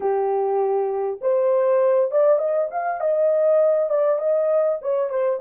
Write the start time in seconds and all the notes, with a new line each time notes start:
0.00 G4
1.21 C5
2.11 D5
2.38 D#5
2.71 F5
3.00 D#5
3.89 D5
4.18 D#5
4.81 C#5
5.09 C5